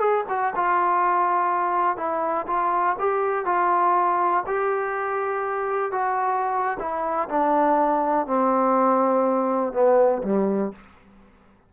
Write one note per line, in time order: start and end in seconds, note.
0.00 0.25 G#4
0.30 0.54 F#4
0.56 1.97 F4
1.97 2.47 E4
2.47 2.97 F4
3.00 3.46 G4
3.46 4.44 F4
4.47 5.92 G4
5.92 6.78 F#4
6.80 7.29 E4
7.29 8.27 D4
8.27 9.74 C4
9.74 10.23 B3
10.24 10.73 G3